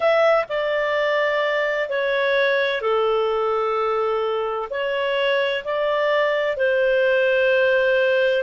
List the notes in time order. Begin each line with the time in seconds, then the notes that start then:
0.00 E5
0.49 D5
1.89 C#5
2.81 A4
4.70 C#5
5.64 D5
6.56 C5